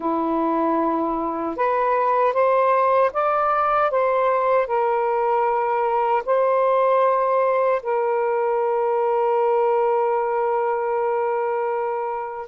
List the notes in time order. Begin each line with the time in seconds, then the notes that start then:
0.00 E4
1.56 B4
2.33 C5
3.13 D5
3.91 C5
4.66 A#4
6.25 C5
7.82 A#4